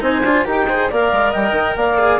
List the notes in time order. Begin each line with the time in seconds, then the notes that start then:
0.00 C4 D#4 C5 G#5
0.23 D4 F4
0.45 D#4 G4 A#4 G5
0.68 G#4 C5
0.90 A#3 A#4 D5 F5
1.12 G#3
1.31 G3 D#5 G5
1.51 D#3
1.76 A#3 D5 F5
1.98 G#4